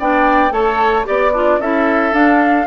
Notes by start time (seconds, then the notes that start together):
0.00 B3 D4 D5 G5
0.50 A3 A4 C#5 A5
1.05 B3 G4 D5
1.33 D4 F4
1.59 C#4 E4 A4 E5
2.13 D4 F5